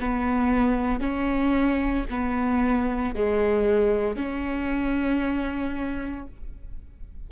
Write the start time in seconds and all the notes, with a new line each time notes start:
0.00 B3
1.00 C#4
2.10 B3
3.15 G#3
4.16 C#4